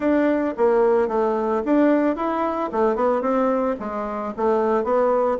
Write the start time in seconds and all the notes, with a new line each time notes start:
0.00 D4
0.57 A#3
1.08 A3
1.65 D4
2.16 E4
2.72 A3
2.95 B3
3.21 C4
3.79 G#3
4.36 A3
4.84 B3